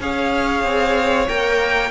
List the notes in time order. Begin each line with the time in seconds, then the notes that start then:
0.00 C#4 G#4 C#5 F5
0.63 C4
1.28 A#3 A#4 G5